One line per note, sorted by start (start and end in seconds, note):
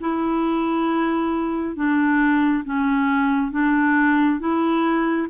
0.00 1.75 E4
1.75 2.64 D4
2.64 3.51 C#4
3.51 4.39 D4
4.39 5.27 E4